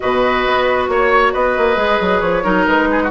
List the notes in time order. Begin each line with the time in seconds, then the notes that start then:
0.00 B2 F#4 B4 D#5
0.46 B3
0.88 A#3 C#5
1.33 B3 B4 D#5
1.57 A#3
1.76 G#3 G#4
2.00 F#3
2.20 F3 C#5
2.43 F#3 D#4 A#4
2.66 G#3 B4
2.91 G#4
3.03 F#4